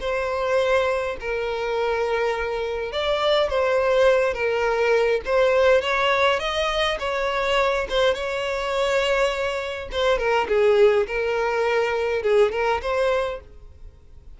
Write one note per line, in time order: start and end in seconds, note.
0.00 1.17 C5
1.20 2.92 A#4
2.92 3.49 D5
3.49 4.33 C5
4.33 5.21 A#4
5.25 5.81 C5
5.81 6.39 C#5
6.39 6.97 D#5
6.99 7.87 C#5
7.89 8.14 C5
8.14 9.89 C#5
9.92 10.18 C5
10.18 10.47 A#4
10.48 11.06 G#4
11.07 12.23 A#4
12.23 12.52 G#4
12.52 12.81 A#4
12.82 13.40 C5